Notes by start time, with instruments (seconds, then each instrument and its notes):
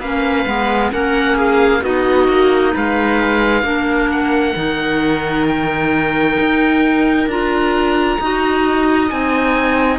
0.00 cello A#3, clarinet C#4, viola B4, oboe F5
0.46 cello G#3, clarinet B3
0.92 cello A#3, clarinet C#4, viola A#4, oboe F#5
1.36 viola G#4, oboe F5
1.82 cello B3, clarinet D#4, viola F#4, oboe D#5
2.28 cello A#3
2.74 cello G#3, viola B4, oboe F5
3.63 cello A#3, clarinet D4, viola A#4
4.11 oboe F#5
4.56 cello D#3, clarinet D#4
5.48 oboe G5
6.40 cello D#4
7.27 cello D4, clarinet F4, oboe A#5
8.20 cello D#4, clarinet F#4, viola D#5
9.09 cello C4, clarinet D#4, oboe G#5